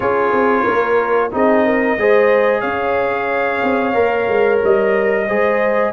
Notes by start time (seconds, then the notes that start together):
0.00 C#4 F4 G#4 C#5
0.32 C4
0.63 A#3 A#4
1.31 C4 D#4 G#4 D#5
1.65 A#4
1.97 G#3 G#4 C5
2.60 C#4 C#5 F5
3.63 C4
3.93 A#3 A#4
4.28 G#3
4.63 G3 D#5
5.27 G#3 G#4 C5